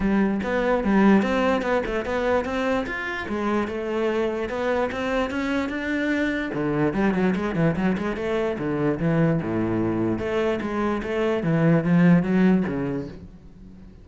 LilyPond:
\new Staff \with { instrumentName = "cello" } { \time 4/4 \tempo 4 = 147 g4 b4 g4 c'4 | b8 a8 b4 c'4 f'4 | gis4 a2 b4 | c'4 cis'4 d'2 |
d4 g8 fis8 gis8 e8 fis8 gis8 | a4 d4 e4 a,4~ | a,4 a4 gis4 a4 | e4 f4 fis4 cis4 | }